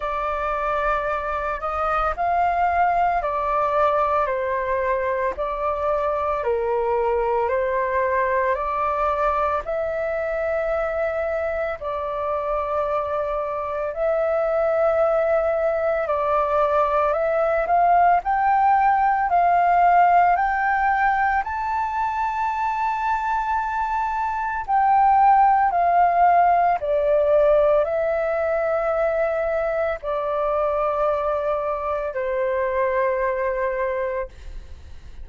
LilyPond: \new Staff \with { instrumentName = "flute" } { \time 4/4 \tempo 4 = 56 d''4. dis''8 f''4 d''4 | c''4 d''4 ais'4 c''4 | d''4 e''2 d''4~ | d''4 e''2 d''4 |
e''8 f''8 g''4 f''4 g''4 | a''2. g''4 | f''4 d''4 e''2 | d''2 c''2 | }